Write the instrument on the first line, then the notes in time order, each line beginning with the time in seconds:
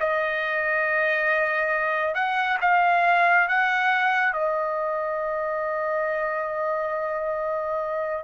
trumpet
0.00 D#5
2.15 F#5
2.61 F5
3.48 F#5
4.33 D#5